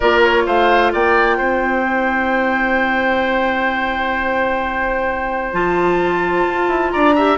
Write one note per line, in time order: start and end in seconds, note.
0.00 0.47 A#3
0.00 1.85 F4
0.00 0.43 A#4
0.00 0.20 D5
0.23 0.46 C#5
0.46 0.93 A3
0.46 0.92 C5
0.46 0.92 F5
0.92 1.38 A#3
0.92 1.37 D5
0.92 5.53 G5
1.37 5.52 C4
1.37 6.90 C5
1.85 5.52 E4
5.52 6.45 F3
5.52 7.14 F4
5.52 6.90 A5
6.49 6.67 F4
6.67 6.90 E4
6.90 7.37 D4
6.90 7.15 D5
6.90 7.36 A#5
7.15 7.37 G4
7.15 7.37 E5